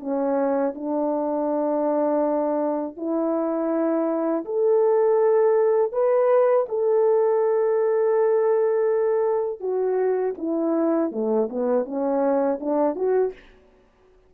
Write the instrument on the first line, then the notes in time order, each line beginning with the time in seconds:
horn
0.00 C#4
0.75 D4
2.97 E4
4.45 A4
5.92 B4
6.69 A4
9.60 F#4
10.38 E4
11.12 A3
11.50 B3
11.85 C#4
12.60 D4
12.96 F#4